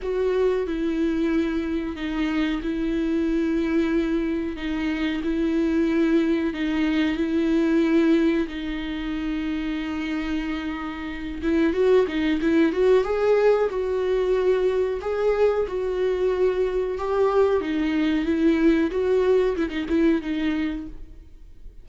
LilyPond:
\new Staff \with { instrumentName = "viola" } { \time 4/4 \tempo 4 = 92 fis'4 e'2 dis'4 | e'2. dis'4 | e'2 dis'4 e'4~ | e'4 dis'2.~ |
dis'4. e'8 fis'8 dis'8 e'8 fis'8 | gis'4 fis'2 gis'4 | fis'2 g'4 dis'4 | e'4 fis'4 e'16 dis'16 e'8 dis'4 | }